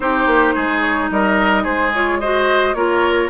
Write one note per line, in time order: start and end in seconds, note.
0.00 0.26 C4
0.00 1.92 D#4
0.00 0.55 G4
0.00 0.80 C5
0.26 0.54 A#3
0.55 1.10 G#3
0.55 1.10 G#4
0.80 1.08 C#5
1.10 1.65 G3
1.10 1.63 A#4
1.10 1.64 D#5
1.63 2.74 G#3
1.63 2.18 G#4
1.63 1.92 C5
1.93 2.21 F4
1.93 2.20 C#5
2.20 2.74 F#4
2.20 2.76 C5
2.20 2.74 D#5
2.74 3.29 A#3
2.74 3.29 F4
2.74 3.30 A#4
2.74 3.29 C#5